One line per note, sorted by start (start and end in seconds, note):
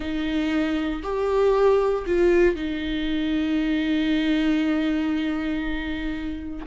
0.00 1.02 D#4
1.02 2.05 G4
2.06 2.55 F4
2.55 6.65 D#4